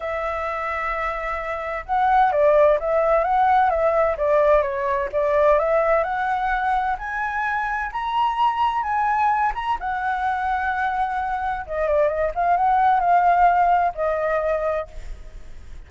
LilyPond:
\new Staff \with { instrumentName = "flute" } { \time 4/4 \tempo 4 = 129 e''1 | fis''4 d''4 e''4 fis''4 | e''4 d''4 cis''4 d''4 | e''4 fis''2 gis''4~ |
gis''4 ais''2 gis''4~ | gis''8 ais''8 fis''2.~ | fis''4 dis''8 d''8 dis''8 f''8 fis''4 | f''2 dis''2 | }